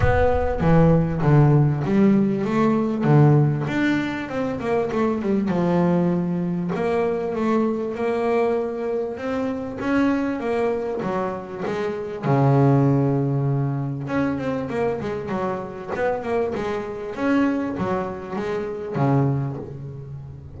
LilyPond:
\new Staff \with { instrumentName = "double bass" } { \time 4/4 \tempo 4 = 98 b4 e4 d4 g4 | a4 d4 d'4 c'8 ais8 | a8 g8 f2 ais4 | a4 ais2 c'4 |
cis'4 ais4 fis4 gis4 | cis2. cis'8 c'8 | ais8 gis8 fis4 b8 ais8 gis4 | cis'4 fis4 gis4 cis4 | }